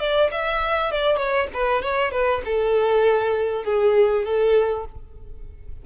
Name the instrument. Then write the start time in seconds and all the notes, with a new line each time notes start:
violin
0.00 D5
0.31 E5
0.91 D5
1.17 C#5
1.53 B4
1.82 C#5
2.12 B4
2.45 A4
3.64 G#4
4.25 A4